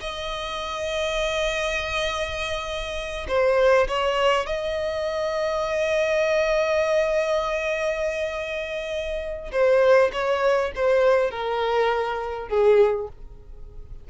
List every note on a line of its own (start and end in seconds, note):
0.00 3.27 D#5
3.28 3.87 C5
3.87 4.46 C#5
4.46 9.51 D#5
9.51 10.11 C5
10.12 10.71 C#5
10.75 11.30 C5
11.30 12.48 A#4
12.48 13.08 G#4